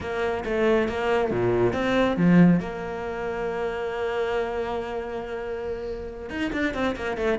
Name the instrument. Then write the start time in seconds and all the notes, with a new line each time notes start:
cello
0.00 A#3
0.44 A3
0.88 A#3
1.30 A#2
1.73 C4
2.16 F3
2.60 A#3
6.29 D#4
6.52 D4
6.74 C4
6.96 A#3
7.17 A3